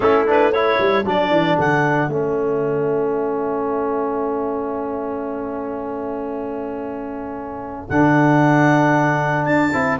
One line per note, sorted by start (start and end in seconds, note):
0.00 0.77 A3
0.00 0.26 C#4
0.00 0.54 E4
0.00 0.25 A4
0.26 0.52 D4
0.26 0.52 B4
0.52 1.04 E4
0.52 10.00 A4
0.52 1.05 C#5
0.79 1.04 G3
1.04 1.30 F#3
1.04 2.09 D4
1.04 1.58 D5
1.30 1.56 E3
1.58 2.07 D3
1.58 2.11 F#5
2.07 7.86 A3
2.07 7.88 C#4
2.07 7.89 E5
7.89 9.46 D3
7.89 9.73 D4
7.89 9.45 F#5
9.45 9.72 D4
9.45 9.98 A5
9.73 10.00 C4
9.73 9.99 E4